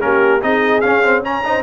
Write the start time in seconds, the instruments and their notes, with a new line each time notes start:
0.00 tuba A#3, trombone C#4, horn G4, trumpet A#4
0.41 tuba C4, trombone D#4, horn G#4, trumpet D#5
0.80 trombone C#4, tuba C#4, trumpet F5
1.03 trombone C4
1.23 trombone C#4, horn C#5, trumpet A#5
1.45 trombone D#4, horn C5